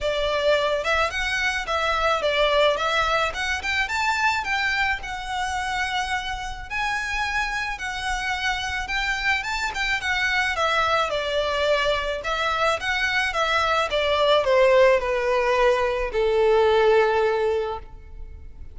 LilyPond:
\new Staff \with { instrumentName = "violin" } { \time 4/4 \tempo 4 = 108 d''4. e''8 fis''4 e''4 | d''4 e''4 fis''8 g''8 a''4 | g''4 fis''2. | gis''2 fis''2 |
g''4 a''8 g''8 fis''4 e''4 | d''2 e''4 fis''4 | e''4 d''4 c''4 b'4~ | b'4 a'2. | }